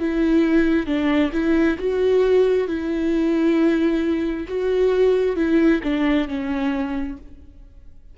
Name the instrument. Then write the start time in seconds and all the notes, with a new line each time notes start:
viola
0.00 E4
0.87 D4
1.33 E4
1.79 F#4
2.68 E4
4.49 F#4
5.36 E4
5.83 D4
6.28 C#4